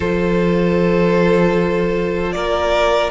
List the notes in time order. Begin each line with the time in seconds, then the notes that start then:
0.00 F3 F4 A4 C5
2.32 A#3 A#4 D5